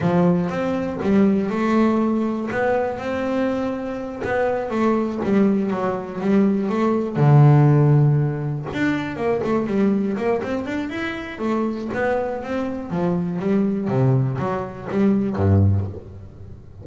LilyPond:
\new Staff \with { instrumentName = "double bass" } { \time 4/4 \tempo 4 = 121 f4 c'4 g4 a4~ | a4 b4 c'2~ | c'8 b4 a4 g4 fis8~ | fis8 g4 a4 d4.~ |
d4. d'4 ais8 a8 g8~ | g8 ais8 c'8 d'8 e'4 a4 | b4 c'4 f4 g4 | c4 fis4 g4 g,4 | }